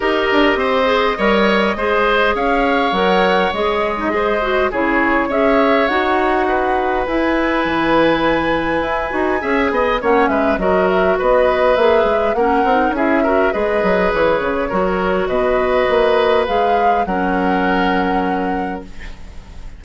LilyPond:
<<
  \new Staff \with { instrumentName = "flute" } { \time 4/4 \tempo 4 = 102 dis''1 | f''4 fis''4 dis''2 | cis''4 e''4 fis''2 | gis''1~ |
gis''4 fis''8 e''8 dis''8 e''8 dis''4 | e''4 fis''4 e''4 dis''4 | cis''2 dis''2 | f''4 fis''2. | }
  \new Staff \with { instrumentName = "oboe" } { \time 4/4 ais'4 c''4 cis''4 c''4 | cis''2. c''4 | gis'4 cis''2 b'4~ | b'1 |
e''8 dis''8 cis''8 b'8 ais'4 b'4~ | b'4 ais'4 gis'8 ais'8 b'4~ | b'4 ais'4 b'2~ | b'4 ais'2. | }
  \new Staff \with { instrumentName = "clarinet" } { \time 4/4 g'4. gis'8 ais'4 gis'4~ | gis'4 ais'4 gis'8. dis'16 gis'8 fis'8 | e'4 gis'4 fis'2 | e'2.~ e'8 fis'8 |
gis'4 cis'4 fis'2 | gis'4 cis'8 dis'8 e'8 fis'8 gis'4~ | gis'4 fis'2. | gis'4 cis'2. | }
  \new Staff \with { instrumentName = "bassoon" } { \time 4/4 dis'8 d'8 c'4 g4 gis4 | cis'4 fis4 gis2 | cis4 cis'4 dis'2 | e'4 e2 e'8 dis'8 |
cis'8 b8 ais8 gis8 fis4 b4 | ais8 gis8 ais8 c'8 cis'4 gis8 fis8 | e8 cis8 fis4 b,4 ais4 | gis4 fis2. | }
>>